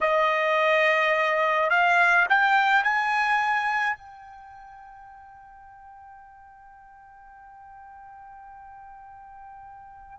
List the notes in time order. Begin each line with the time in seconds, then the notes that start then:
0.01 D#5
1.70 F5
2.29 G5
2.83 G#5
3.96 G5